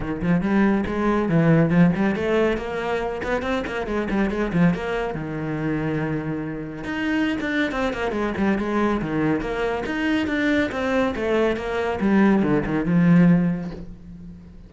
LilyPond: \new Staff \with { instrumentName = "cello" } { \time 4/4 \tempo 4 = 140 dis8 f8 g4 gis4 e4 | f8 g8 a4 ais4. b8 | c'8 ais8 gis8 g8 gis8 f8 ais4 | dis1 |
dis'4~ dis'16 d'8. c'8 ais8 gis8 g8 | gis4 dis4 ais4 dis'4 | d'4 c'4 a4 ais4 | g4 d8 dis8 f2 | }